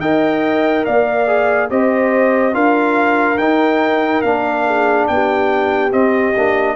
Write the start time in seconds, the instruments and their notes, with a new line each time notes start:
0.00 tuba D#4, trombone A#4, horn D#5, trumpet G5
0.85 tuba A#3, horn D5, trumpet F5
1.27 trombone G#4
1.70 tuba C4, trombone G4, horn C5, trumpet D#5
2.53 tuba D4, trombone F4, horn A#4, trumpet F5
3.38 tuba D#4, trombone D#4, trumpet G5
4.22 tuba A#3, trombone D4, trumpet F5
4.67 horn G#4
5.08 tuba B3, horn G4, trumpet G5
5.91 trombone C4, tuba C4, trumpet D#5
6.36 tuba A#3, trombone D4